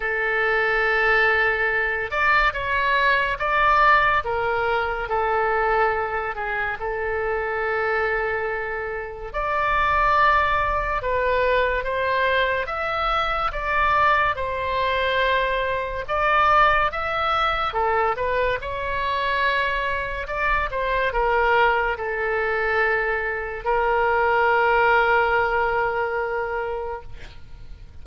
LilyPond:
\new Staff \with { instrumentName = "oboe" } { \time 4/4 \tempo 4 = 71 a'2~ a'8 d''8 cis''4 | d''4 ais'4 a'4. gis'8 | a'2. d''4~ | d''4 b'4 c''4 e''4 |
d''4 c''2 d''4 | e''4 a'8 b'8 cis''2 | d''8 c''8 ais'4 a'2 | ais'1 | }